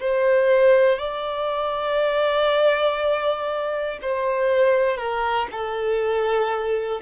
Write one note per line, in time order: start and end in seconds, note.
0.00 0.98 C5
0.98 3.98 D5
4.01 4.97 C5
4.97 5.47 A#4
5.51 7.01 A4